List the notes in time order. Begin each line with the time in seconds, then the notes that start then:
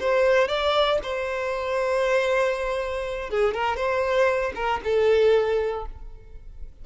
0.00 C5
0.48 D5
1.03 C5
3.30 G#4
3.54 A#4
3.76 C5
4.55 A#4
4.84 A4